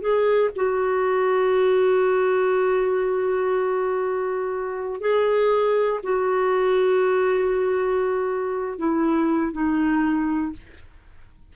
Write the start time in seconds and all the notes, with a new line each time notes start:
0.00 G#4
0.55 F#4
5.01 G#4
6.03 F#4
8.78 E4
9.53 D#4